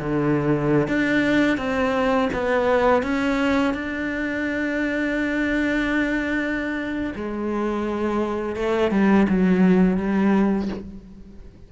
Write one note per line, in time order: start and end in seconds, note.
0.00 0.88 D3
0.88 1.58 D4
1.58 2.29 C4
2.34 3.03 B3
3.03 3.74 C#4
3.74 7.13 D4
7.16 8.56 G#3
8.56 8.91 A3
8.91 9.27 G3
9.30 9.97 F#3
9.97 10.69 G3